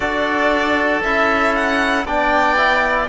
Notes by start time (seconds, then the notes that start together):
0.00 D4 F#4 A4 D5
1.03 C#4 E4 E5
1.55 F#5
2.04 B3 D4 D5 G5
2.56 E4